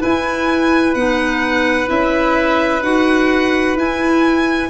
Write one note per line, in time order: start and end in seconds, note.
0.00 0.94 E4
0.00 0.95 E4
0.00 4.69 B4
0.00 0.95 G#5
0.95 1.89 B3
0.95 1.86 D#4
0.95 1.88 F#5
1.86 2.82 C#4
1.86 2.80 E4
1.86 2.83 E5
2.82 3.75 D#4
2.82 3.76 F#4
2.82 3.77 F#5
3.75 4.69 E4
3.75 4.70 E4
3.75 4.70 G#5